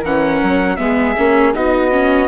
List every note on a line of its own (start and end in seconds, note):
0.00 0.41 E3
0.00 0.77 C#4
0.00 0.75 A#4
0.00 0.77 F#5
0.42 0.78 F#3
0.77 1.16 G#3
0.77 1.15 B3
0.77 1.55 G#4
0.77 1.52 E5
1.17 1.55 A#3
1.17 1.53 C#4
1.53 2.28 B3
1.53 1.91 D#4
1.53 2.28 F#4
1.53 2.28 D#5
1.91 2.28 C#4